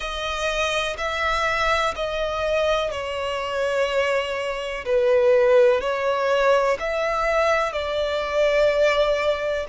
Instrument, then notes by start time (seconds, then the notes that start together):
violin
0.00 D#5
0.97 E5
1.95 D#5
2.91 C#5
4.85 B4
5.81 C#5
6.79 E5
7.72 D5